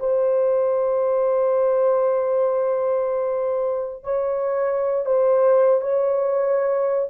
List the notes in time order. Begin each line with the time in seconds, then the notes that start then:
0.00 C5
4.04 C#5
5.06 C5
5.82 C#5